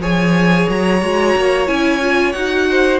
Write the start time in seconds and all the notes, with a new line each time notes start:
0.00 F3 G#4 C#5 G#5
0.69 F#3 A#5
1.01 G#3 F#4
1.36 A#3
1.67 C#4 E4 G#5
2.01 F4
2.32 D#4 F#4 F#5
2.69 C5